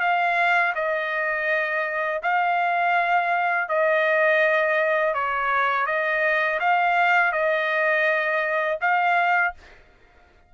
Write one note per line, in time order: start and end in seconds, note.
0.00 0.73 F5
0.75 2.21 D#5
2.22 3.68 F5
3.68 5.14 D#5
5.14 5.86 C#5
5.86 6.59 D#5
6.60 7.32 F5
7.32 8.78 D#5
8.81 9.54 F5